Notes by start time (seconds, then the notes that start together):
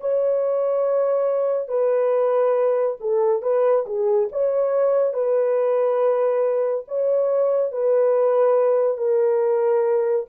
0.00 C#5
1.68 B4
3.00 A4
3.42 B4
3.86 G#4
4.32 C#5
5.13 B4
6.88 C#5
7.71 B4
8.97 A#4